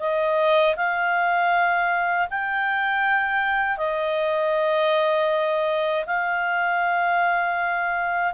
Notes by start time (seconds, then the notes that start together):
0.00 D#5
0.77 F5
2.31 G5
3.78 D#5
6.07 F5